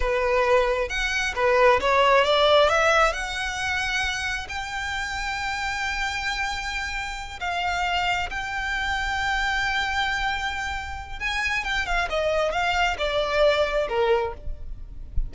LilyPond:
\new Staff \with { instrumentName = "violin" } { \time 4/4 \tempo 4 = 134 b'2 fis''4 b'4 | cis''4 d''4 e''4 fis''4~ | fis''2 g''2~ | g''1~ |
g''8 f''2 g''4.~ | g''1~ | g''4 gis''4 g''8 f''8 dis''4 | f''4 d''2 ais'4 | }